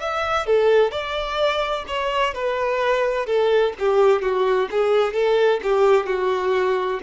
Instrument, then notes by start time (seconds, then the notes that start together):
violin
0.00 E5
0.46 A4
0.92 D5
1.87 C#5
2.34 B4
3.26 A4
3.79 G4
4.22 F#4
4.71 G#4
5.14 A4
5.63 G4
6.07 F#4